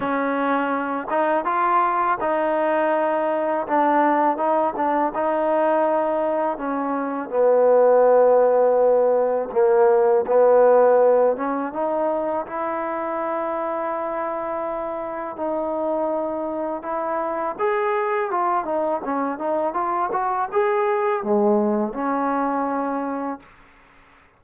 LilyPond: \new Staff \with { instrumentName = "trombone" } { \time 4/4 \tempo 4 = 82 cis'4. dis'8 f'4 dis'4~ | dis'4 d'4 dis'8 d'8 dis'4~ | dis'4 cis'4 b2~ | b4 ais4 b4. cis'8 |
dis'4 e'2.~ | e'4 dis'2 e'4 | gis'4 f'8 dis'8 cis'8 dis'8 f'8 fis'8 | gis'4 gis4 cis'2 | }